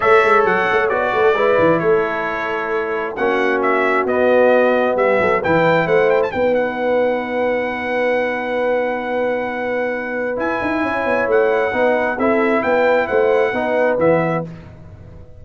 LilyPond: <<
  \new Staff \with { instrumentName = "trumpet" } { \time 4/4 \tempo 4 = 133 e''4 fis''4 d''2 | cis''2. fis''4 | e''4 dis''2 e''4 | g''4 fis''8 g''16 a''16 g''8 fis''4.~ |
fis''1~ | fis''2. gis''4~ | gis''4 fis''2 e''4 | g''4 fis''2 e''4 | }
  \new Staff \with { instrumentName = "horn" } { \time 4/4 cis''2~ cis''8 b'16 a'16 b'4 | a'2. fis'4~ | fis'2. g'8 a'8 | b'4 c''4 b'2~ |
b'1~ | b'1 | cis''2 b'4 a'4 | b'4 c''4 b'2 | }
  \new Staff \with { instrumentName = "trombone" } { \time 4/4 a'2 fis'4 e'4~ | e'2. cis'4~ | cis'4 b2. | e'2 dis'2~ |
dis'1~ | dis'2. e'4~ | e'2 dis'4 e'4~ | e'2 dis'4 b4 | }
  \new Staff \with { instrumentName = "tuba" } { \time 4/4 a8 gis8 fis8 a8 b8 a8 gis8 e8 | a2. ais4~ | ais4 b2 g8 fis8 | e4 a4 b2~ |
b1~ | b2. e'8 dis'8 | cis'8 b8 a4 b4 c'4 | b4 a4 b4 e4 | }
>>